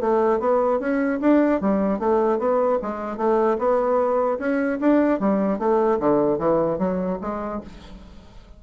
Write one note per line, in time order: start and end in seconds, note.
0.00 0.39 A3
0.39 0.79 B3
0.79 1.19 C#4
1.20 1.60 D4
1.61 1.99 G3
1.99 2.38 A3
2.38 2.78 B3
2.81 3.17 G#3
3.17 3.57 A3
3.58 4.38 B3
4.38 4.78 C#4
4.80 5.19 D4
5.19 5.58 G3
5.58 5.98 A3
5.99 6.38 D3
6.38 6.78 E3
6.78 7.18 F#3
7.21 7.61 G#3